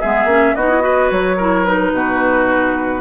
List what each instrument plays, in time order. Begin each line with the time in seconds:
0.00 bassoon G#3, clarinet B3, oboe G#4, flute E5
0.24 bassoon A#3, clarinet C#4
0.54 bassoon B3, clarinet D#4, oboe F#4, flute D#5
0.69 clarinet E4
0.80 clarinet F#4, oboe B4
1.10 bassoon F#3, flute C#5
1.36 clarinet E4, oboe A#4
1.64 clarinet D#4, flute B4
1.92 bassoon B2, oboe F#4